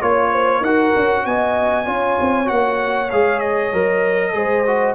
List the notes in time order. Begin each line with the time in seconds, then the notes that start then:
0.00 A#3 F4 C#5
0.32 C5
0.60 D#4 F#4 A#4 F#5
0.96 C#4
1.25 B3 D#5 G#5
1.85 C#4 F4 C#5
2.20 C4
2.45 A#3 F#4 F#5
3.10 G#3 G#4 F5
3.39 D#5
3.73 F#3 A#4
4.33 G#3 G#4 C5
4.66 F#4